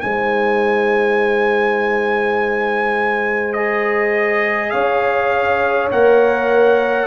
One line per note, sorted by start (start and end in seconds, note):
0.00 4.73 G#3
0.00 3.55 D#4
0.00 4.71 C5
0.00 3.53 G#5
3.53 5.90 G#4
3.53 4.70 D#5
4.70 5.90 C#4
4.70 7.06 C#5
4.70 5.87 F5
5.91 7.06 A#3
5.91 7.06 A#4
5.91 7.06 F#5